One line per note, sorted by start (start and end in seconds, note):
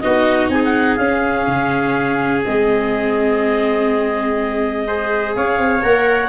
0.00 0.49 B3
0.00 0.99 D#4
0.00 0.52 F#4
0.00 0.48 D#5
0.49 0.98 C4
0.49 4.87 G#4
0.49 0.62 G#5
0.65 0.97 F#5
0.97 1.47 C#4
0.97 2.45 C#4
0.97 2.42 F5
1.47 2.44 C#3
2.45 5.36 G#3
2.45 4.86 C4
2.45 5.36 D#5
4.87 5.83 G#4
4.87 5.36 C5
5.36 5.58 C#4
5.36 6.29 C#5
5.36 5.83 F5
5.58 5.82 C4
5.83 6.29 A#3
5.83 6.29 A#4
5.83 6.29 F#5